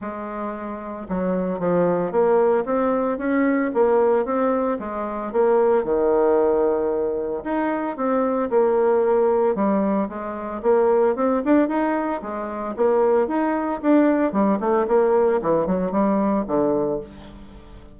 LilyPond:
\new Staff \with { instrumentName = "bassoon" } { \time 4/4 \tempo 4 = 113 gis2 fis4 f4 | ais4 c'4 cis'4 ais4 | c'4 gis4 ais4 dis4~ | dis2 dis'4 c'4 |
ais2 g4 gis4 | ais4 c'8 d'8 dis'4 gis4 | ais4 dis'4 d'4 g8 a8 | ais4 e8 fis8 g4 d4 | }